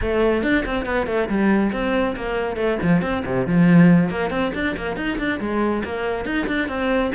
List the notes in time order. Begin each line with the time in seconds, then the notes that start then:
0.01 A3
0.42 D4
0.65 C4
0.85 B3
1.06 A3
1.28 G3
1.72 C4
2.15 A#3
2.56 A3
2.82 F3
3.01 C4
3.25 C3
3.46 F3
4.10 A#3
4.30 C4
4.54 D4
4.76 A#3
4.96 D#4
5.18 D4
5.40 G#3
5.84 A#3
6.25 D#4
6.47 D4
6.68 C4